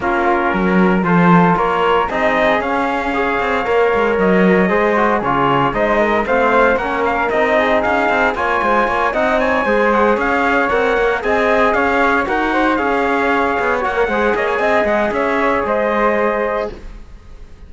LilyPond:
<<
  \new Staff \with { instrumentName = "trumpet" } { \time 4/4 \tempo 4 = 115 ais'2 c''4 cis''4 | dis''4 f''2. | dis''2 cis''4 dis''4 | f''4 fis''8 f''8 dis''4 f''4 |
gis''4. fis''8 gis''4 fis''8 f''8~ | f''8 fis''4 gis''4 f''4 fis''8~ | fis''8 f''2 fis''4 dis''16 gis''16~ | gis''8 fis''8 e''4 dis''2 | }
  \new Staff \with { instrumentName = "flute" } { \time 4/4 f'4 ais'4 a'4 ais'4 | gis'2 cis''2~ | cis''4 c''4 gis'4 c''8 ais'8 | c''4 ais'4. gis'4. |
cis''8 c''8 cis''8 dis''8 cis''8 c''4 cis''8~ | cis''4. dis''4 cis''4 ais'8 | c''8 cis''2~ cis''8 c''8 cis''8 | dis''4 cis''4 c''2 | }
  \new Staff \with { instrumentName = "trombone" } { \time 4/4 cis'2 f'2 | dis'4 cis'4 gis'4 ais'4~ | ais'4 gis'8 fis'8 f'4 dis'4 | c'4 cis'4 dis'2 |
f'4. dis'4 gis'4.~ | gis'8 ais'4 gis'2 fis'8~ | fis'8 gis'2 fis'16 ais'16 gis'4~ | gis'1 | }
  \new Staff \with { instrumentName = "cello" } { \time 4/4 ais4 fis4 f4 ais4 | c'4 cis'4. c'8 ais8 gis8 | fis4 gis4 cis4 gis4 | a4 ais4 c'4 cis'8 c'8 |
ais8 gis8 ais8 c'4 gis4 cis'8~ | cis'8 c'8 ais8 c'4 cis'4 dis'8~ | dis'8 cis'4. b8 ais8 gis8 ais8 | c'8 gis8 cis'4 gis2 | }
>>